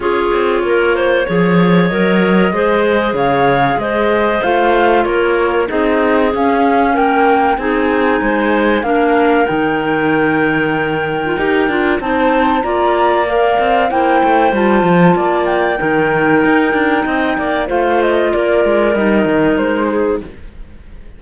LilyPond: <<
  \new Staff \with { instrumentName = "flute" } { \time 4/4 \tempo 4 = 95 cis''2. dis''4~ | dis''4 f''4 dis''4 f''4 | cis''4 dis''4 f''4 g''4 | gis''2 f''4 g''4~ |
g''2. a''4 | ais''4 f''4 g''4 a''4~ | a''8 g''2.~ g''8 | f''8 dis''8 d''4 dis''4 c''4 | }
  \new Staff \with { instrumentName = "clarinet" } { \time 4/4 gis'4 ais'8 c''8 cis''2 | c''4 cis''4 c''2 | ais'4 gis'2 ais'4 | gis'4 c''4 ais'2~ |
ais'2. c''4 | d''2 c''2 | d''4 ais'2 dis''8 d''8 | c''4 ais'2~ ais'8 gis'8 | }
  \new Staff \with { instrumentName = "clarinet" } { \time 4/4 f'2 gis'4 ais'4 | gis'2. f'4~ | f'4 dis'4 cis'2 | dis'2 d'4 dis'4~ |
dis'4.~ dis'16 f'16 g'8 f'8 dis'4 | f'4 ais'4 e'4 f'4~ | f'4 dis'2. | f'2 dis'2 | }
  \new Staff \with { instrumentName = "cello" } { \time 4/4 cis'8 c'8 ais4 f4 fis4 | gis4 cis4 gis4 a4 | ais4 c'4 cis'4 ais4 | c'4 gis4 ais4 dis4~ |
dis2 dis'8 d'8 c'4 | ais4. c'8 ais8 a8 g8 f8 | ais4 dis4 dis'8 d'8 c'8 ais8 | a4 ais8 gis8 g8 dis8 gis4 | }
>>